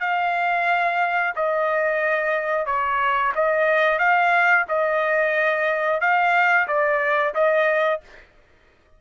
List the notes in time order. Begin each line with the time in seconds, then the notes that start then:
0.00 F5
1.35 D#5
2.66 C#5
3.35 D#5
3.99 F5
4.68 D#5
6.01 F5
6.68 D5
7.34 D#5